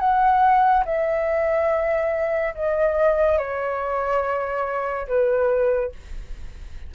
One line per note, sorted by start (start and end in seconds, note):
0.00 0.85 F#5
0.86 2.55 E5
2.55 3.38 D#5
3.38 5.07 C#5
5.08 5.92 B4